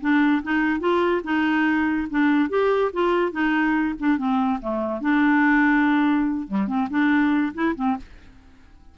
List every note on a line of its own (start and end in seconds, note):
0.00 0.42 D4
0.43 0.80 D#4
0.80 1.21 F4
1.23 2.07 D#4
2.10 2.49 D4
2.49 2.91 G4
2.93 3.31 F4
3.31 3.94 D#4
3.99 4.17 D4
4.17 4.59 C4
4.61 5.01 A3
5.01 6.47 D4
6.47 6.67 G3
6.67 6.88 C4
6.90 7.53 D4
7.54 7.75 E4
7.75 7.96 C4